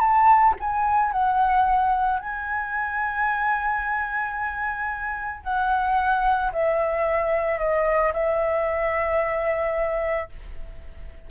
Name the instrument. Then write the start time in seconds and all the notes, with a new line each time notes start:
flute
0.00 A5
0.60 G#5
1.12 F#5
2.19 G#5
5.43 F#5
6.52 E5
7.58 D#5
8.13 E5